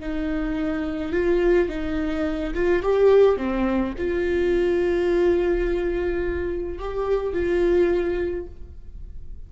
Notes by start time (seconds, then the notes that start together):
0.00 D#4
1.12 F4
1.69 D#4
2.54 F4
2.83 G4
3.37 C4
3.98 F4
6.79 G4
7.33 F4